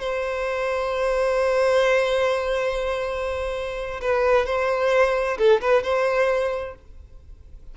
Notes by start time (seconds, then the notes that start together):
0.00 C5
4.01 B4
4.46 C5
5.38 A4
5.61 B4
5.83 C5